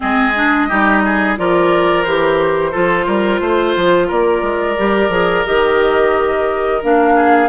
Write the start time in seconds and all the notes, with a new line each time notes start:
0.00 G#3 C4 G#4 D#5
0.35 D4
0.68 G3 D#4 G4
1.04 G#4
1.36 F3 F4 A#4 D5
2.03 E3 G4 C5
2.71 F3 F4 A4
3.06 G3 A#4
3.40 A3 C5
3.76 F3
4.07 A#3 A#4 D5
4.42 G#3
4.77 G3 G4
5.08 F3 G#4
5.45 D#3 G4 D#5
6.82 A#3 D4 F5
7.15 G#4